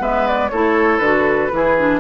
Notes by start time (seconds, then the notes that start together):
0.00 G#3 B3 B4 E5
0.27 D5
0.50 A3 E4 A4 C#5
0.99 D3 F#4 B4
1.52 E3 E4 G#4
1.78 D4